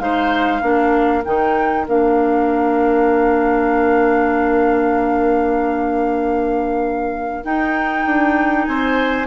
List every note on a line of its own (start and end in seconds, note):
0.00 0.62 G#3
0.00 0.62 D#4
0.00 0.62 C5
0.00 1.24 F5
0.62 1.24 A#3
0.62 1.24 D4
0.62 8.67 A#4
1.25 1.88 D#3
1.25 1.87 D#4
1.25 1.87 G5
1.87 7.44 A#3
1.87 7.44 D4
1.87 7.45 F5
7.44 9.28 D#4
7.44 8.06 D#4
7.44 8.65 G5
8.06 8.68 D4
8.65 9.28 C4
8.65 9.28 C5
8.65 9.27 G#5